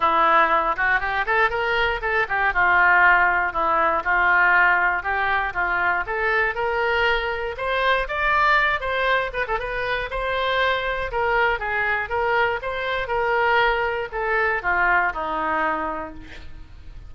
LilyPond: \new Staff \with { instrumentName = "oboe" } { \time 4/4 \tempo 4 = 119 e'4. fis'8 g'8 a'8 ais'4 | a'8 g'8 f'2 e'4 | f'2 g'4 f'4 | a'4 ais'2 c''4 |
d''4. c''4 b'16 a'16 b'4 | c''2 ais'4 gis'4 | ais'4 c''4 ais'2 | a'4 f'4 dis'2 | }